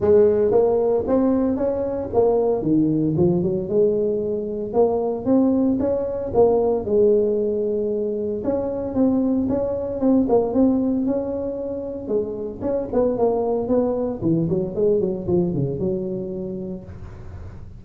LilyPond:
\new Staff \with { instrumentName = "tuba" } { \time 4/4 \tempo 4 = 114 gis4 ais4 c'4 cis'4 | ais4 dis4 f8 fis8 gis4~ | gis4 ais4 c'4 cis'4 | ais4 gis2. |
cis'4 c'4 cis'4 c'8 ais8 | c'4 cis'2 gis4 | cis'8 b8 ais4 b4 e8 fis8 | gis8 fis8 f8 cis8 fis2 | }